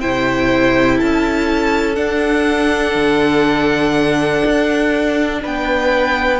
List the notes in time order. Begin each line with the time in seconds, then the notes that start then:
0.00 C3 E4 C5 G5
0.97 C#4 A4 A5
1.95 D4 F#5
2.95 D3
4.46 D4
5.42 B3 B4 G5